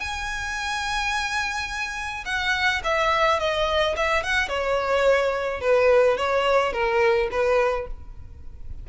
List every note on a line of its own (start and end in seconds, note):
0.00 2.24 G#5
2.25 2.81 F#5
2.84 3.40 E5
3.40 3.96 D#5
3.96 4.23 E5
4.23 4.48 F#5
4.48 5.60 C#5
5.61 6.17 B4
6.17 6.73 C#5
6.73 7.29 A#4
7.31 7.87 B4